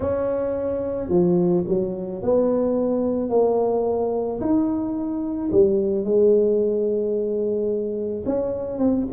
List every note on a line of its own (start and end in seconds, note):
0.00 1.09 C#4
1.09 1.64 F3
1.67 2.22 F#3
2.22 3.29 B3
3.29 4.39 A#3
4.40 5.50 D#4
5.51 6.04 G3
6.04 8.24 G#3
8.25 8.78 C#4
8.78 9.06 C4